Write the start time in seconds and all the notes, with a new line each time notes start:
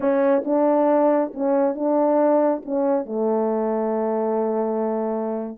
0.00 C#4
0.44 D4
1.34 C#4
1.74 D4
2.65 C#4
3.05 A3